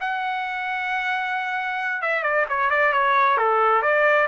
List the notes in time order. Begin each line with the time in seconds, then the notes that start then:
0.00 F#5
2.02 E5
2.23 D5
2.49 C#5
2.70 D5
2.92 C#5
3.38 A4
3.82 D5